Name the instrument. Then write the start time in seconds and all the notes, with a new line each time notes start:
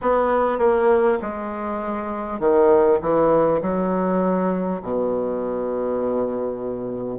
bassoon
0.01 B3
0.58 A#3
1.21 G#3
2.39 D#3
3.01 E3
3.61 F#3
4.82 B2